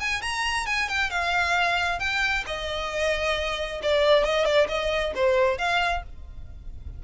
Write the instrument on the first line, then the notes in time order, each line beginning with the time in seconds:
violin
0.00 G#5
0.22 A#5
0.66 G#5
0.89 G5
1.11 F5
2.00 G5
2.47 D#5
3.83 D5
4.25 D#5
4.45 D5
4.68 D#5
5.15 C5
5.58 F5